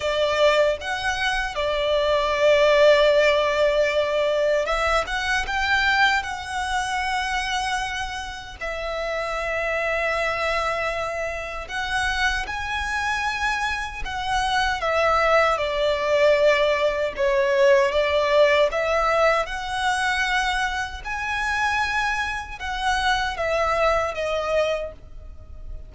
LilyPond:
\new Staff \with { instrumentName = "violin" } { \time 4/4 \tempo 4 = 77 d''4 fis''4 d''2~ | d''2 e''8 fis''8 g''4 | fis''2. e''4~ | e''2. fis''4 |
gis''2 fis''4 e''4 | d''2 cis''4 d''4 | e''4 fis''2 gis''4~ | gis''4 fis''4 e''4 dis''4 | }